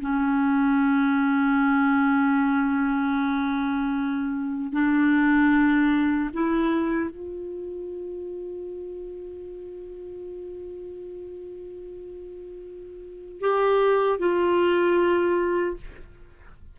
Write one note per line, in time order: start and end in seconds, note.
0.00 4.72 C#4
4.72 6.30 D4
6.33 7.10 E4
7.10 13.40 F4
13.40 14.19 G4
14.19 15.76 F4